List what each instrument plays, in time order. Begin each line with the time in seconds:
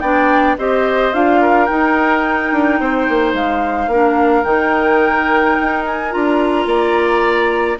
0.00 bassoon B3, clarinet D4, oboe D5, flute G5
0.58 bassoon C4, clarinet G4, oboe C5, flute D#5
1.13 bassoon D4, clarinet F4, flute F5
1.41 oboe A#4
1.66 clarinet D#4, bassoon D#4, flute G5
2.52 bassoon D4
2.80 bassoon C4, oboe C5
3.09 bassoon A#3
3.33 bassoon G#3, flute F5
3.87 bassoon A#3, clarinet D4, oboe A#4
4.44 bassoon D#3, clarinet D#4, flute G5
5.60 bassoon D#4
5.86 flute G#5
6.10 bassoon D4, clarinet F4, flute A#5
6.66 bassoon A#3, oboe D5